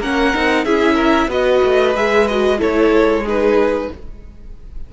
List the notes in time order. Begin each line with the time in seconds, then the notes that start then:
0.00 A#3 C#4 A#4 F#5
0.34 C4 D#4
0.65 C#4 E4 G#4 E5
0.95 A#4
1.27 B3 F#4 B4 D#5
1.64 A3
1.96 G#3 G#4 E5
2.28 F#4 D#5
2.58 A3 E4 A4 C#5
2.91 G#3
3.23 D#4 G#4 B4